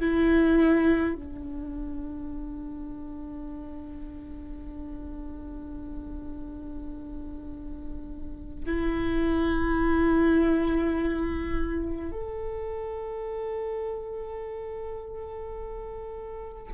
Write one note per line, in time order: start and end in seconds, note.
0.00 1.15 E4
1.15 8.65 D4
8.66 12.12 E4
12.12 16.73 A4